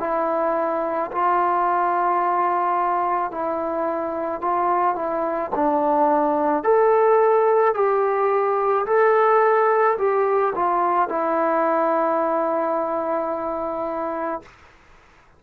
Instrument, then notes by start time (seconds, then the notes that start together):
trombone
0.00 E4
1.12 F4
3.32 E4
4.42 F4
4.95 E4
5.56 D4
6.64 A4
7.75 G4
8.87 A4
9.98 G4
10.56 F4
11.09 E4